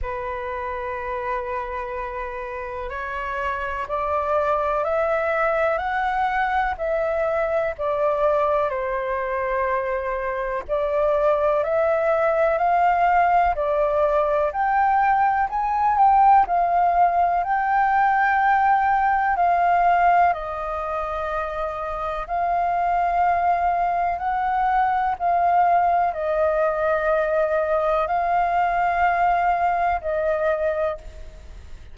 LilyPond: \new Staff \with { instrumentName = "flute" } { \time 4/4 \tempo 4 = 62 b'2. cis''4 | d''4 e''4 fis''4 e''4 | d''4 c''2 d''4 | e''4 f''4 d''4 g''4 |
gis''8 g''8 f''4 g''2 | f''4 dis''2 f''4~ | f''4 fis''4 f''4 dis''4~ | dis''4 f''2 dis''4 | }